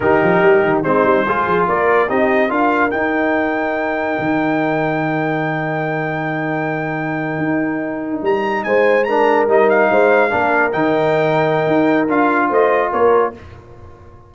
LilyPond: <<
  \new Staff \with { instrumentName = "trumpet" } { \time 4/4 \tempo 4 = 144 ais'2 c''2 | d''4 dis''4 f''4 g''4~ | g''1~ | g''1~ |
g''2.~ g''8. ais''16~ | ais''8. gis''4 ais''4 dis''8 f''8.~ | f''4.~ f''16 g''2~ g''16~ | g''4 f''4 dis''4 cis''4 | }
  \new Staff \with { instrumentName = "horn" } { \time 4/4 g'2 dis'4 gis'4 | ais'4 g'4 ais'2~ | ais'1~ | ais'1~ |
ais'1~ | ais'8. c''4 ais'2 c''16~ | c''8. ais'2.~ ais'16~ | ais'2 c''4 ais'4 | }
  \new Staff \with { instrumentName = "trombone" } { \time 4/4 dis'2 c'4 f'4~ | f'4 dis'4 f'4 dis'4~ | dis'1~ | dis'1~ |
dis'1~ | dis'4.~ dis'16 d'4 dis'4~ dis'16~ | dis'8. d'4 dis'2~ dis'16~ | dis'4 f'2. | }
  \new Staff \with { instrumentName = "tuba" } { \time 4/4 dis8 f8 g8 dis8 gis8 g8 gis8 f8 | ais4 c'4 d'4 dis'4~ | dis'2 dis2~ | dis1~ |
dis4.~ dis16 dis'2 g16~ | g8. gis2 g4 gis16~ | gis8. ais4 dis2~ dis16 | dis'4 d'4 a4 ais4 | }
>>